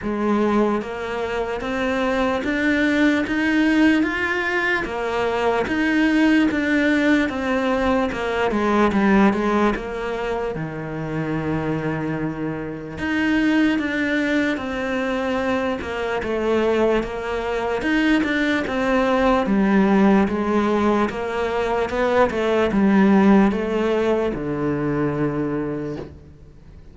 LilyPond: \new Staff \with { instrumentName = "cello" } { \time 4/4 \tempo 4 = 74 gis4 ais4 c'4 d'4 | dis'4 f'4 ais4 dis'4 | d'4 c'4 ais8 gis8 g8 gis8 | ais4 dis2. |
dis'4 d'4 c'4. ais8 | a4 ais4 dis'8 d'8 c'4 | g4 gis4 ais4 b8 a8 | g4 a4 d2 | }